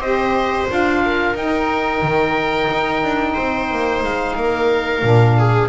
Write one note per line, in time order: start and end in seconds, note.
0.00 0.67 C4
0.00 0.68 G4
0.00 1.01 C5
0.00 0.67 D#5
0.68 1.34 D4
0.68 1.34 F4
0.68 1.37 F5
1.05 3.34 A#4
1.34 2.01 D#4
1.34 5.02 D#4
1.34 4.03 G5
2.02 2.69 D#3
2.71 3.03 D#4
3.03 3.37 D4
3.34 3.71 C4
3.34 4.34 C5
3.71 4.03 A#3
4.03 4.36 G#3
4.03 5.69 F5
4.36 5.02 A#3
4.36 5.38 A#4
5.02 5.69 A#2
5.02 5.69 D4
5.38 5.69 G#4